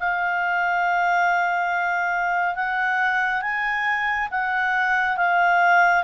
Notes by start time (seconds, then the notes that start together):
0.00 F5
2.56 F#5
3.42 G#5
4.31 F#5
5.17 F5